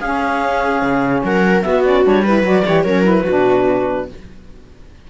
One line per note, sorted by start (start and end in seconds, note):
0.00 0.82 C#4
0.00 1.63 C#4
0.00 1.22 G#4
0.00 1.22 F5
0.82 1.23 C#3
1.24 1.65 F#3
1.24 1.66 A#4
1.24 1.63 F#5
1.63 1.83 B3
1.63 2.06 B3
1.63 2.23 F#4
1.63 1.83 E5
1.85 2.04 C#4
1.85 2.05 D5
2.04 2.44 G3
2.04 2.24 D4
2.04 2.26 C#5
2.23 2.44 E4
2.23 2.64 B4
2.23 2.46 B4
2.44 2.64 F#3
2.44 2.64 F#4
2.44 2.82 D5
2.66 2.84 E3
2.66 2.86 G4
2.66 2.84 C#5
2.82 3.25 F#3
2.82 3.04 C#4
2.82 3.23 A#4
2.82 3.03 C#5
3.04 3.24 E4
3.04 4.09 B4
3.23 4.10 D4
3.23 4.04 F#4
3.30 4.11 B2